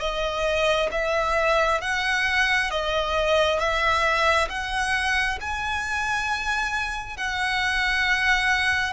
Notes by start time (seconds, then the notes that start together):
0.00 D#5
0.92 E5
1.81 F#5
2.71 D#5
3.59 E5
4.49 F#5
5.41 G#5
7.17 F#5